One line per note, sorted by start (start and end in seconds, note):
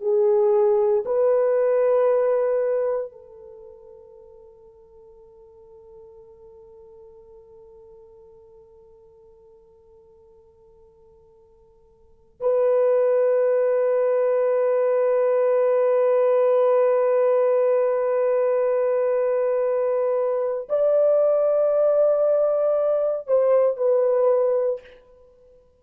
0.00 1.03 G#4
1.05 3.11 B4
3.11 12.40 A4
12.40 20.68 B4
20.68 23.27 D5
23.27 23.76 C5
23.76 24.80 B4